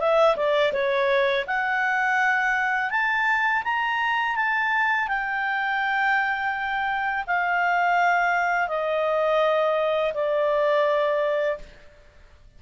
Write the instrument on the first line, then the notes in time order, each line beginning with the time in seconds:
clarinet
0.00 E5
0.36 D5
0.73 C#5
1.47 F#5
2.90 A5
3.64 A#5
4.36 A5
5.08 G5
7.27 F5
8.68 D#5
10.14 D5